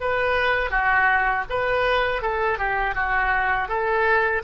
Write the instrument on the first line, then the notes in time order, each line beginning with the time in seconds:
oboe
0.00 B4
0.70 F#4
1.49 B4
2.22 A4
2.58 G4
2.95 F#4
3.68 A4